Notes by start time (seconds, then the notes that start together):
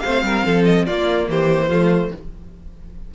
0.00 A3 C4 C5 F5
0.23 G3 A#4
0.46 F3 A4
0.65 D#5
0.86 A#3 F4 D5
1.28 E3 G4 C5
1.69 F3 A3 F4